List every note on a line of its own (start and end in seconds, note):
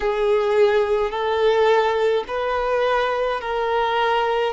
0.00 1.10 G#4
1.10 2.24 A4
2.27 3.40 B4
3.40 4.53 A#4